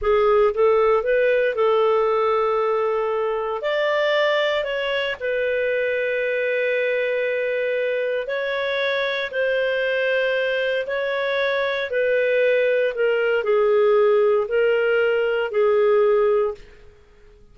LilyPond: \new Staff \with { instrumentName = "clarinet" } { \time 4/4 \tempo 4 = 116 gis'4 a'4 b'4 a'4~ | a'2. d''4~ | d''4 cis''4 b'2~ | b'1 |
cis''2 c''2~ | c''4 cis''2 b'4~ | b'4 ais'4 gis'2 | ais'2 gis'2 | }